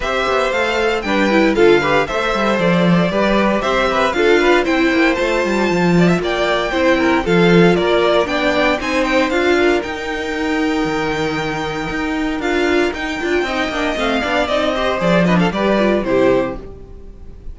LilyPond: <<
  \new Staff \with { instrumentName = "violin" } { \time 4/4 \tempo 4 = 116 e''4 f''4 g''4 f''4 | e''4 d''2 e''4 | f''4 g''4 a''2 | g''2 f''4 d''4 |
g''4 gis''8 g''8 f''4 g''4~ | g''1 | f''4 g''2 f''4 | dis''4 d''8 dis''16 f''16 d''4 c''4 | }
  \new Staff \with { instrumentName = "violin" } { \time 4/4 c''2 b'4 a'8 b'8 | c''2 b'4 c''8 b'8 | a'8 b'8 c''2~ c''8 d''16 e''16 | d''4 c''8 ais'8 a'4 ais'4 |
d''4 c''4. ais'4.~ | ais'1~ | ais'2 dis''4. d''8~ | d''8 c''4 b'16 a'16 b'4 g'4 | }
  \new Staff \with { instrumentName = "viola" } { \time 4/4 g'4 a'4 d'8 e'8 f'8 g'8 | a'2 g'2 | f'4 e'4 f'2~ | f'4 e'4 f'2 |
d'4 dis'4 f'4 dis'4~ | dis'1 | f'4 dis'8 f'8 dis'8 d'8 c'8 d'8 | dis'8 g'8 gis'8 d'8 g'8 f'8 e'4 | }
  \new Staff \with { instrumentName = "cello" } { \time 4/4 c'8 b8 a4 g4 d4 | a8 g8 f4 g4 c'4 | d'4 c'8 ais8 a8 g8 f4 | ais4 c'4 f4 ais4 |
b4 c'4 d'4 dis'4~ | dis'4 dis2 dis'4 | d'4 dis'8 d'8 c'8 ais8 a8 b8 | c'4 f4 g4 c4 | }
>>